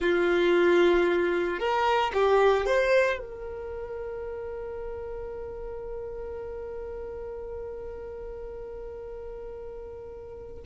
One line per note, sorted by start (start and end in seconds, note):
0.00 1.59 F4
1.59 2.12 A#4
2.13 2.65 G4
2.65 3.19 C5
3.19 10.62 A#4